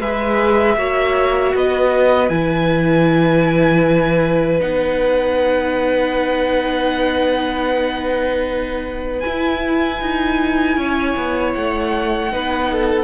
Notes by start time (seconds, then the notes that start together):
0.00 G#3 G#4 B4 E5
0.76 A#3 F#4 C#5
1.54 B3 B4 D#5
2.29 E3 E4 G#5
4.60 B3 D#4 F#5
9.20 E4 G#5
9.26 E4
10.01 D#4
10.77 C#4 C#5
11.17 B3
11.54 A3 F#5
12.31 B3 D#4 B4
12.72 A4